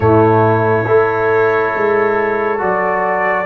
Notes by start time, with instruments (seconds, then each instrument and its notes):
0.00 tuba A2, trombone A3, horn E4, trumpet C#5
0.86 tuba A3, trombone E4, horn A4
1.74 tuba G#3
2.58 tuba F#3, trombone F#4, trumpet D5